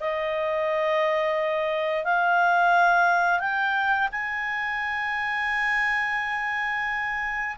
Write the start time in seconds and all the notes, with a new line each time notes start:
0.00 D#5
2.04 F5
3.39 G5
4.11 G#5